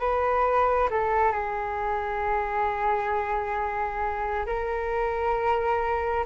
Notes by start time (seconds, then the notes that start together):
0.00 B4
0.91 A4
1.32 G#4
4.47 A#4